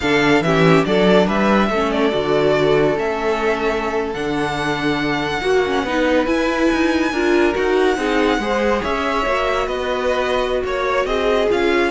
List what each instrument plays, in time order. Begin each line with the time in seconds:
0.00 cello D3, viola D4, violin A4 F5
0.40 cello E3, viola C#4, violin G4 E5
0.84 cello F#3, viola D4, violin A4 D5
1.26 cello G3, violin B4 E5
1.70 cello A3, viola C#4, violin A4
1.91 violin D5
2.11 cello D3, viola F#4
2.96 cello A3, viola C#4, violin E5
4.13 cello D3, viola D4, violin F#5
5.41 cello A#3, viola F#4, violin F#4
5.66 viola C#4
5.83 cello B3, viola D#4, violin B4
6.26 viola E4, cello E4, violin G#5
6.72 cello D#4
7.12 cello D4, viola F4, violin A#4
7.53 cello D#4, viola F#4, violin F#5
7.96 cello C4, viola D#4, violin G#4
8.38 cello G#3, viola G#4, violin C5
8.82 cello C#4, violin C#5 E5
9.25 cello A#3, viola F#4
9.67 cello B3, violin B4 D#5
10.64 cello A#3, violin C#5
11.05 cello C4, violin G#4 D#5
11.48 cello C#4, viola F4, violin F5